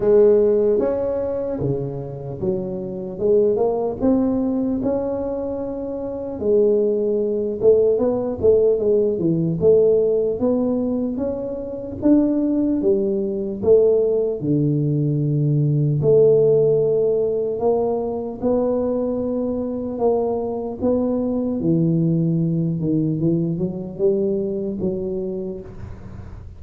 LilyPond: \new Staff \with { instrumentName = "tuba" } { \time 4/4 \tempo 4 = 75 gis4 cis'4 cis4 fis4 | gis8 ais8 c'4 cis'2 | gis4. a8 b8 a8 gis8 e8 | a4 b4 cis'4 d'4 |
g4 a4 d2 | a2 ais4 b4~ | b4 ais4 b4 e4~ | e8 dis8 e8 fis8 g4 fis4 | }